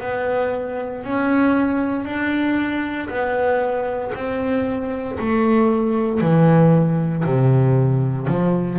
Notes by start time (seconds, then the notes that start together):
0.00 B3
1.03 C#4
2.05 D4
3.09 B3
4.15 C4
5.19 A3
6.21 E3
7.25 C3
8.27 F3